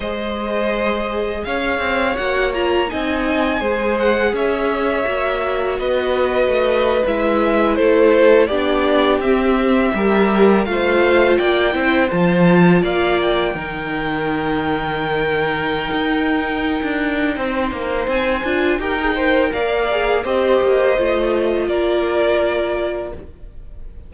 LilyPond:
<<
  \new Staff \with { instrumentName = "violin" } { \time 4/4 \tempo 4 = 83 dis''2 f''4 fis''8 ais''8 | gis''4. fis''8 e''2 | dis''4.~ dis''16 e''4 c''4 d''16~ | d''8. e''2 f''4 g''16~ |
g''8. a''4 f''8 g''4.~ g''16~ | g''1~ | g''4 gis''4 g''4 f''4 | dis''2 d''2 | }
  \new Staff \with { instrumentName = "violin" } { \time 4/4 c''2 cis''2 | dis''4 c''4 cis''2 | b'2~ b'8. a'4 g'16~ | g'4.~ g'16 ais'4 c''4 d''16~ |
d''16 c''4. d''4 ais'4~ ais'16~ | ais'1 | c''2 ais'8 c''8 d''4 | c''2 ais'2 | }
  \new Staff \with { instrumentName = "viola" } { \time 4/4 gis'2. fis'8 f'8 | dis'4 gis'2 fis'4~ | fis'4.~ fis'16 e'2 d'16~ | d'8. c'4 g'4 f'4~ f'16~ |
f'16 e'8 f'2 dis'4~ dis'16~ | dis'1~ | dis'4. f'8 g'16 gis'16 ais'4 gis'8 | g'4 f'2. | }
  \new Staff \with { instrumentName = "cello" } { \time 4/4 gis2 cis'8 c'8 ais4 | c'4 gis4 cis'4 ais4 | b4 a8. gis4 a4 b16~ | b8. c'4 g4 a4 ais16~ |
ais16 c'8 f4 ais4 dis4~ dis16~ | dis2 dis'4~ dis'16 d'8. | c'8 ais8 c'8 d'8 dis'4 ais4 | c'8 ais8 a4 ais2 | }
>>